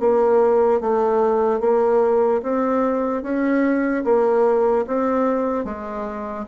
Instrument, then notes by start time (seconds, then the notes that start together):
bassoon
0.00 A#3
0.81 A3
1.61 A#3
2.43 C4
3.23 C#4
4.05 A#3
4.88 C4
5.65 G#3